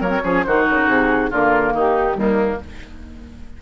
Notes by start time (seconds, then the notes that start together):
0.00 F#3 A#3 A#4 C#5
0.10 C4
0.24 F3 C#4 G#4
0.43 D#3 D#4 F#4 C5
0.68 C#3 A#4
0.88 C3 G#4
1.31 D3 A#3 F4 A#4
1.74 D#3 D#4 G4
2.13 D#2 G3 A#3
2.19 D#4